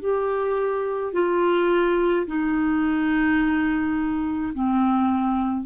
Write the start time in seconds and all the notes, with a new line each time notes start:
0.00 G4
1.13 F4
2.27 D#4
4.54 C4